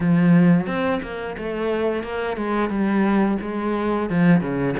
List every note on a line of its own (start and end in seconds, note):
0.00 0.66 F3
0.66 1.00 C4
1.02 1.36 A#3
1.37 2.03 A3
2.03 2.36 A#3
2.36 2.69 G#3
2.69 3.37 G3
3.41 4.09 G#3
4.09 4.40 F3
4.40 4.74 C#3